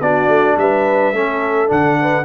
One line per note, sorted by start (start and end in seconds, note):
0.00 0.28 B3
0.00 1.14 D4
0.00 0.58 F#4
0.00 0.57 D5
0.28 0.56 A3
0.57 1.12 G3
0.57 1.16 B4
0.57 1.70 E5
1.12 1.68 A3
1.12 1.67 C#4
1.12 2.00 A4
1.67 2.24 D3
1.67 2.23 D4
1.67 2.24 F#5
2.01 2.24 B4